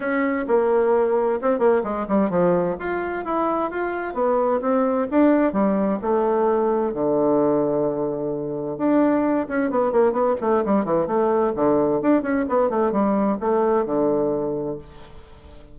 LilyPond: \new Staff \with { instrumentName = "bassoon" } { \time 4/4 \tempo 4 = 130 cis'4 ais2 c'8 ais8 | gis8 g8 f4 f'4 e'4 | f'4 b4 c'4 d'4 | g4 a2 d4~ |
d2. d'4~ | d'8 cis'8 b8 ais8 b8 a8 g8 e8 | a4 d4 d'8 cis'8 b8 a8 | g4 a4 d2 | }